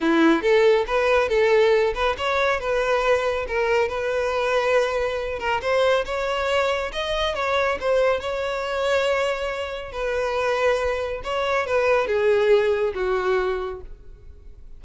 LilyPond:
\new Staff \with { instrumentName = "violin" } { \time 4/4 \tempo 4 = 139 e'4 a'4 b'4 a'4~ | a'8 b'8 cis''4 b'2 | ais'4 b'2.~ | b'8 ais'8 c''4 cis''2 |
dis''4 cis''4 c''4 cis''4~ | cis''2. b'4~ | b'2 cis''4 b'4 | gis'2 fis'2 | }